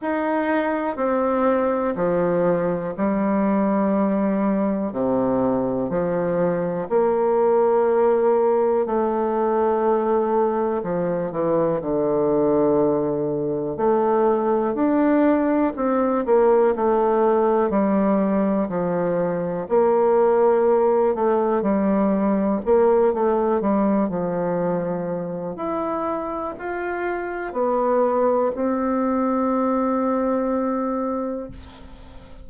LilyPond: \new Staff \with { instrumentName = "bassoon" } { \time 4/4 \tempo 4 = 61 dis'4 c'4 f4 g4~ | g4 c4 f4 ais4~ | ais4 a2 f8 e8 | d2 a4 d'4 |
c'8 ais8 a4 g4 f4 | ais4. a8 g4 ais8 a8 | g8 f4. e'4 f'4 | b4 c'2. | }